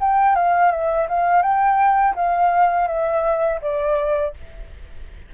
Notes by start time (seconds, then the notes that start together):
0.00 G5
0.35 F5
0.71 E5
1.08 F5
1.42 G5
2.15 F5
2.87 E5
3.61 D5